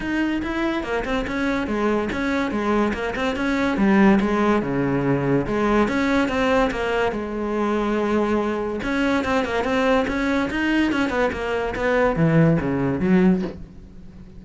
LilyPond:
\new Staff \with { instrumentName = "cello" } { \time 4/4 \tempo 4 = 143 dis'4 e'4 ais8 c'8 cis'4 | gis4 cis'4 gis4 ais8 c'8 | cis'4 g4 gis4 cis4~ | cis4 gis4 cis'4 c'4 |
ais4 gis2.~ | gis4 cis'4 c'8 ais8 c'4 | cis'4 dis'4 cis'8 b8 ais4 | b4 e4 cis4 fis4 | }